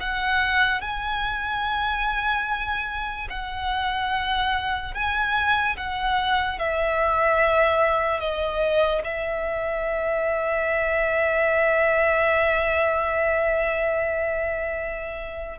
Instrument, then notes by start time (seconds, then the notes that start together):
violin
0.00 F#5
0.81 G#5
3.30 F#5
4.94 G#5
5.77 F#5
6.59 E5
8.20 D#5
9.04 E5